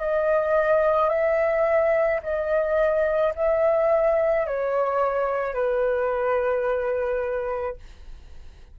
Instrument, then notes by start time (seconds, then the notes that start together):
flute
0.00 D#5
1.09 E5
2.22 D#5
3.35 E5
4.47 C#5
5.54 B4